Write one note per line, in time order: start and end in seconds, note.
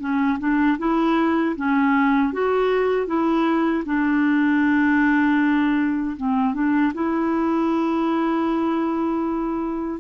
0.00 0.38 C#4
0.39 0.78 D4
0.79 1.56 E4
1.57 2.33 C#4
2.33 3.07 F#4
3.07 3.84 E4
3.86 6.16 D4
6.17 6.54 C4
6.54 6.93 D4
6.94 10.00 E4